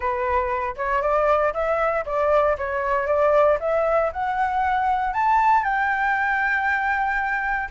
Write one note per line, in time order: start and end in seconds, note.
0.00 0.75 B4
0.76 1.02 C#5
1.02 1.53 D5
1.53 2.04 E5
2.05 2.56 D5
2.57 3.07 C#5
3.07 3.58 D5
3.60 4.11 E5
4.12 5.13 F#5
5.13 5.63 A5
5.63 7.69 G5